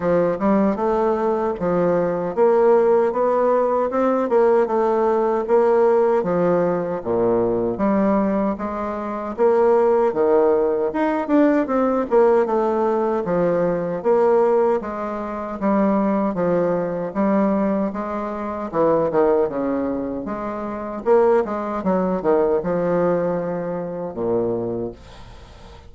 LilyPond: \new Staff \with { instrumentName = "bassoon" } { \time 4/4 \tempo 4 = 77 f8 g8 a4 f4 ais4 | b4 c'8 ais8 a4 ais4 | f4 ais,4 g4 gis4 | ais4 dis4 dis'8 d'8 c'8 ais8 |
a4 f4 ais4 gis4 | g4 f4 g4 gis4 | e8 dis8 cis4 gis4 ais8 gis8 | fis8 dis8 f2 ais,4 | }